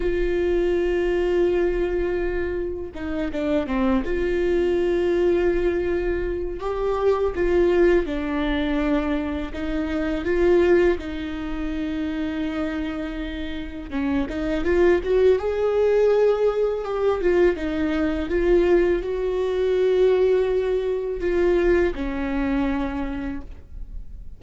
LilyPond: \new Staff \with { instrumentName = "viola" } { \time 4/4 \tempo 4 = 82 f'1 | dis'8 d'8 c'8 f'2~ f'8~ | f'4 g'4 f'4 d'4~ | d'4 dis'4 f'4 dis'4~ |
dis'2. cis'8 dis'8 | f'8 fis'8 gis'2 g'8 f'8 | dis'4 f'4 fis'2~ | fis'4 f'4 cis'2 | }